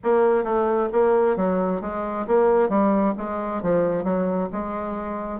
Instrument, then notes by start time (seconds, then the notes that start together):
bassoon
0.03 A#3
0.43 A3
0.92 A#3
1.36 F#3
1.81 G#3
2.27 A#3
2.69 G3
3.17 G#3
3.62 F3
4.04 F#3
4.52 G#3